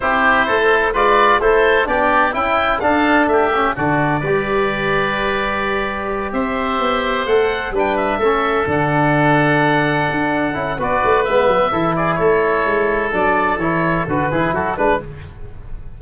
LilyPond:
<<
  \new Staff \with { instrumentName = "oboe" } { \time 4/4 \tempo 4 = 128 c''2 d''4 c''4 | d''4 g''4 f''4 e''4 | d''1~ | d''4. e''2 fis''8~ |
fis''8 g''8 e''4. fis''4.~ | fis''2. d''4 | e''4. d''8 cis''2 | d''4 cis''4 b'4 a'8 b'8 | }
  \new Staff \with { instrumentName = "oboe" } { \time 4/4 g'4 a'4 b'4 a'4 | g'4 e'4 a'4 g'4 | fis'4 b'2.~ | b'4. c''2~ c''8~ |
c''8 b'4 a'2~ a'8~ | a'2. b'4~ | b'4 a'8 gis'8 a'2~ | a'2~ a'8 gis'8 fis'8 b'8 | }
  \new Staff \with { instrumentName = "trombone" } { \time 4/4 e'2 f'4 e'4 | d'4 e'4 d'4. cis'8 | d'4 g'2.~ | g'2.~ g'8 a'8~ |
a'8 d'4 cis'4 d'4.~ | d'2~ d'8 e'8 fis'4 | b4 e'2. | d'4 e'4 fis'8 e'4 d'8 | }
  \new Staff \with { instrumentName = "tuba" } { \time 4/4 c'4 a4 gis4 a4 | b4 cis'4 d'4 a4 | d4 g2.~ | g4. c'4 b4 a8~ |
a8 g4 a4 d4.~ | d4. d'4 cis'8 b8 a8 | gis8 fis8 e4 a4 gis4 | fis4 e4 d8 e8 fis8 gis8 | }
>>